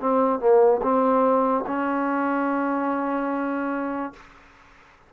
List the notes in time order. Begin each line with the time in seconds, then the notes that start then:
0.00 C4
0.40 A#3
0.82 C4
1.67 C#4